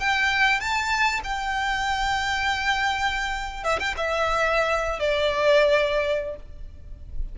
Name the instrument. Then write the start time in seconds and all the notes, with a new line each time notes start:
violin
0.00 G5
0.61 A5
1.24 G5
3.64 E5
3.80 G5
3.98 E5
5.00 D5